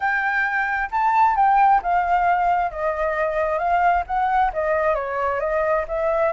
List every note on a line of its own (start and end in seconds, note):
0.00 0.89 G5
0.91 1.36 A5
1.36 1.81 G5
1.82 2.71 F5
2.71 3.58 D#5
3.58 4.03 F5
4.06 4.51 F#5
4.53 4.95 D#5
4.95 5.40 C#5
5.40 5.85 D#5
5.88 6.32 E5